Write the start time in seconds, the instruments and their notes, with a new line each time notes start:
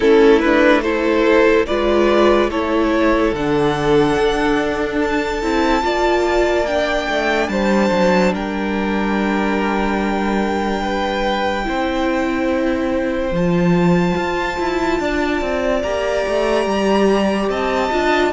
0.00 cello A3, viola C#4, violin E4 A4
0.39 viola D4, violin B4
0.82 viola E4, violin A4 C5
1.66 cello G#3, viola F4, violin B4 D5
2.49 cello A3, viola E4, violin A4 C#5
3.33 cello D3, viola D4, violin F#5
4.18 cello D4
5.00 violin A5
5.42 cello C4, viola E4
5.82 cello A#3, viola F4, violin D5
6.66 viola D4, violin G5
7.08 cello A3
7.48 cello G3, violin C5 A5
7.91 cello F#3
8.33 cello G3, violin A#4 G5
10.82 violin B4
11.63 cello C4, viola E4, violin C5
13.31 cello F3, viola F4, violin A5
14.16 cello F4
14.59 cello E4
14.99 cello D4, violin D5
15.41 cello C4
15.82 cello A#3, viola G4, violin A#5
16.27 cello A3
16.66 cello G3
17.49 cello C4, violin D#5 A5
17.90 cello D4, viola F4